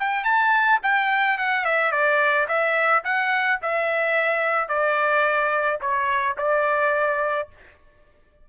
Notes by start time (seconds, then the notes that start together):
0.00 G5
0.24 A5
0.83 G5
1.38 F#5
1.65 E5
1.92 D5
2.48 E5
3.04 F#5
3.62 E5
4.69 D5
5.81 C#5
6.38 D5